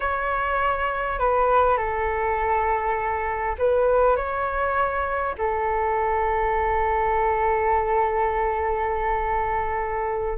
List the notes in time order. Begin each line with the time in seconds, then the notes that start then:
0.00 C#5
1.19 B4
1.77 A4
3.58 B4
4.16 C#5
5.38 A4